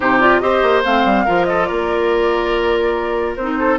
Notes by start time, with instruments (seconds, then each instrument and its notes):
0.00 bassoon C3, clarinet D#4, oboe G4, flute C5
0.20 clarinet F4, flute D5
0.40 bassoon C4, clarinet G4, oboe C5, flute D#5
0.62 bassoon A#3
0.84 bassoon A3, clarinet C4, flute F5
1.04 bassoon G3
1.25 bassoon F3, clarinet F4, oboe A#4
1.45 oboe A4, flute D#5
1.65 bassoon A#3, oboe A#4, flute D5
3.36 bassoon C4, clarinet D#4, flute C5
3.58 oboe A4